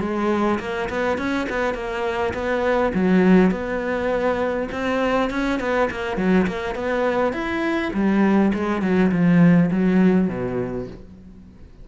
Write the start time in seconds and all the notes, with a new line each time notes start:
0.00 G#3
0.59 A#3
0.89 B3
1.18 C#4
1.49 B3
1.74 A#3
2.33 B3
2.94 F#3
3.51 B3
4.71 C4
5.30 C#4
5.60 B3
5.90 A#3
6.17 F#3
6.47 A#3
6.75 B3
7.33 E4
7.93 G3
8.53 G#3
8.82 F#3
9.11 F3
9.71 F#3
10.28 B2